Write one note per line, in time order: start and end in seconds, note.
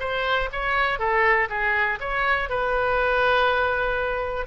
0.00 0.50 C5
0.52 0.99 C#5
0.99 1.49 A4
1.50 1.99 G#4
2.00 2.50 C#5
2.50 4.47 B4